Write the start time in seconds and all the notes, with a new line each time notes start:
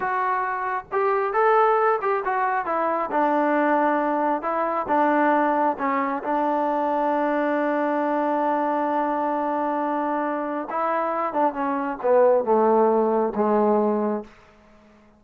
0.00 F#4
0.92 G4
1.33 A4
2.01 G4
2.24 F#4
2.65 E4
3.11 D4
4.42 E4
4.87 D4
5.78 C#4
6.23 D4
10.69 E4
11.33 D4
11.53 C#4
12.02 B3
12.44 A3
13.35 G#3